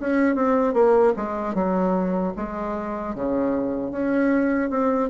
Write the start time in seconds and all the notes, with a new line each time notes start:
0.00 C#4
0.35 C4
0.74 A#3
1.17 G#3
1.54 F#3
2.36 G#3
3.15 C#3
3.92 C#4
4.70 C4